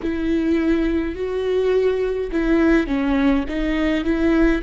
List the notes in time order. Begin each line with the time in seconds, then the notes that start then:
0.02 E4
1.15 F#4
2.31 E4
2.86 C#4
3.48 D#4
4.04 E4